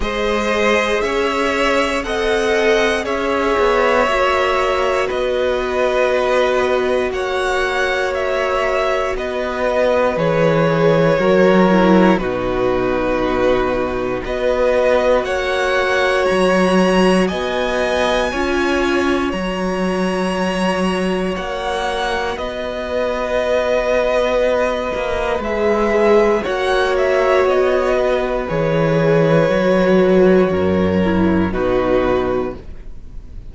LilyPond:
<<
  \new Staff \with { instrumentName = "violin" } { \time 4/4 \tempo 4 = 59 dis''4 e''4 fis''4 e''4~ | e''4 dis''2 fis''4 | e''4 dis''4 cis''2 | b'2 dis''4 fis''4 |
ais''4 gis''2 ais''4~ | ais''4 fis''4 dis''2~ | dis''4 e''4 fis''8 e''8 dis''4 | cis''2. b'4 | }
  \new Staff \with { instrumentName = "violin" } { \time 4/4 c''4 cis''4 dis''4 cis''4~ | cis''4 b'2 cis''4~ | cis''4 b'2 ais'4 | fis'2 b'4 cis''4~ |
cis''4 dis''4 cis''2~ | cis''2 b'2~ | b'2 cis''4. b'8~ | b'2 ais'4 fis'4 | }
  \new Staff \with { instrumentName = "viola" } { \time 4/4 gis'2 a'4 gis'4 | fis'1~ | fis'2 gis'4 fis'8 e'8 | dis'2 fis'2~ |
fis'2 f'4 fis'4~ | fis'1~ | fis'4 gis'4 fis'2 | gis'4 fis'4. e'8 dis'4 | }
  \new Staff \with { instrumentName = "cello" } { \time 4/4 gis4 cis'4 c'4 cis'8 b8 | ais4 b2 ais4~ | ais4 b4 e4 fis4 | b,2 b4 ais4 |
fis4 b4 cis'4 fis4~ | fis4 ais4 b2~ | b8 ais8 gis4 ais4 b4 | e4 fis4 fis,4 b,4 | }
>>